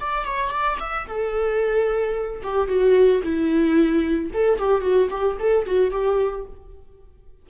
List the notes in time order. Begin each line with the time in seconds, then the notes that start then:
0.00 D5
0.25 C#5
0.51 D5
0.80 E5
1.07 A4
2.43 G4
2.68 F#4
3.23 E4
4.33 A4
4.58 G4
4.81 F#4
5.10 G4
5.39 A4
5.66 F#4
5.91 G4